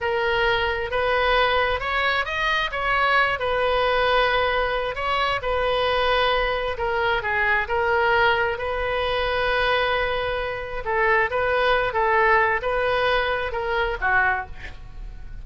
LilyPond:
\new Staff \with { instrumentName = "oboe" } { \time 4/4 \tempo 4 = 133 ais'2 b'2 | cis''4 dis''4 cis''4. b'8~ | b'2. cis''4 | b'2. ais'4 |
gis'4 ais'2 b'4~ | b'1 | a'4 b'4. a'4. | b'2 ais'4 fis'4 | }